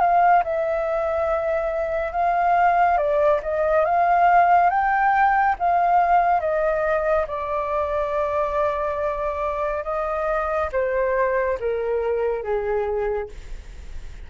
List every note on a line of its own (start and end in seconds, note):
0.00 0.43 F5
0.44 2.12 E5
2.12 2.97 F5
2.97 3.40 D5
3.42 3.85 D#5
3.85 4.70 F5
4.70 5.56 G5
5.59 6.40 F5
6.40 7.26 D#5
7.27 9.84 D5
9.84 10.69 D#5
10.72 11.58 C5
11.60 12.43 A#4
12.43 13.29 G#4